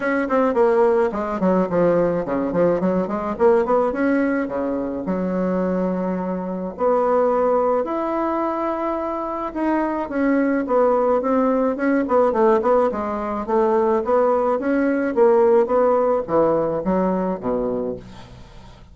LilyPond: \new Staff \with { instrumentName = "bassoon" } { \time 4/4 \tempo 4 = 107 cis'8 c'8 ais4 gis8 fis8 f4 | cis8 f8 fis8 gis8 ais8 b8 cis'4 | cis4 fis2. | b2 e'2~ |
e'4 dis'4 cis'4 b4 | c'4 cis'8 b8 a8 b8 gis4 | a4 b4 cis'4 ais4 | b4 e4 fis4 b,4 | }